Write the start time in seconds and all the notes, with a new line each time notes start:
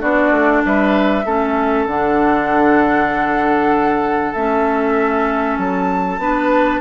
0.00 B3 D4 F#4 D5
0.31 A3
0.65 G3 B4 E5
1.26 A3 C#4 A4
1.86 D3 D4 F#5
4.34 A3 C#4 E5
5.58 F#3 A5
6.19 B3 D4 B4